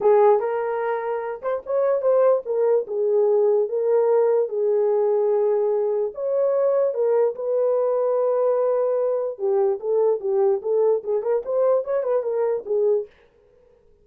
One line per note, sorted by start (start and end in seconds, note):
0.00 0.39 G#4
0.39 1.41 A#4
1.42 1.62 C5
1.65 2.01 C#5
2.01 2.42 C5
2.45 2.86 A#4
2.87 3.68 G#4
3.68 4.49 A#4
4.49 6.12 G#4
6.14 6.94 C#5
6.94 7.35 A#4
7.35 9.38 B4
9.38 9.79 G4
9.80 10.20 A4
10.20 10.61 G4
10.61 11.02 A4
11.03 11.22 G#4
11.22 11.42 A#4
11.45 11.84 C5
11.84 12.03 C#5
12.03 12.22 B4
12.22 12.63 A#4
12.65 13.06 G#4